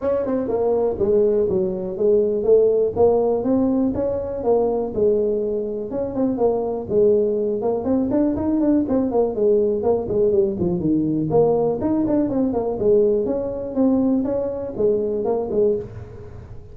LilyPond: \new Staff \with { instrumentName = "tuba" } { \time 4/4 \tempo 4 = 122 cis'8 c'8 ais4 gis4 fis4 | gis4 a4 ais4 c'4 | cis'4 ais4 gis2 | cis'8 c'8 ais4 gis4. ais8 |
c'8 d'8 dis'8 d'8 c'8 ais8 gis4 | ais8 gis8 g8 f8 dis4 ais4 | dis'8 d'8 c'8 ais8 gis4 cis'4 | c'4 cis'4 gis4 ais8 gis8 | }